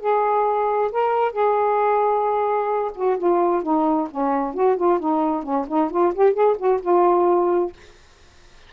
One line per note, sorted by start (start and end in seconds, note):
0.00 0.91 G#4
0.92 1.32 A#4
1.32 2.91 G#4
2.95 3.18 F#4
3.18 3.63 F4
3.63 4.08 D#4
4.11 4.54 C#4
4.54 4.77 F#4
4.77 4.99 F4
4.99 5.43 D#4
5.43 5.66 C#4
5.68 5.90 D#4
5.91 6.13 F4
6.15 6.33 G4
6.33 6.56 G#4
6.58 6.80 F#4
6.82 7.73 F4